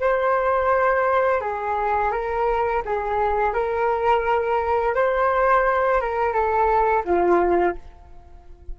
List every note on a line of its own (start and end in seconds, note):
0.00 1.41 C5
1.41 2.11 G#4
2.11 2.82 A#4
2.85 3.53 G#4
3.53 4.94 A#4
4.94 6.00 C5
6.00 6.32 A#4
6.32 7.03 A4
7.04 7.75 F4